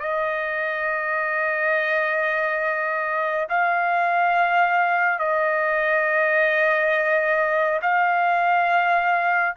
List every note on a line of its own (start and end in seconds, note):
0.00 3.48 D#5
3.49 5.19 F5
5.19 7.80 D#5
7.82 9.56 F5